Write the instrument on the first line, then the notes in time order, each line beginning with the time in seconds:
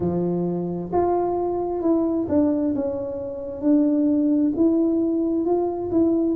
tuba
0.00 F3
0.92 F4
1.81 E4
2.29 D4
2.75 C#4
3.61 D4
4.56 E4
5.45 F4
5.91 E4